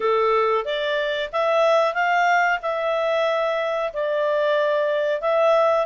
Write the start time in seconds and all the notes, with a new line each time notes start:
0.00 A4
0.64 D5
1.32 E5
1.94 F5
2.61 E5
3.93 D5
5.21 E5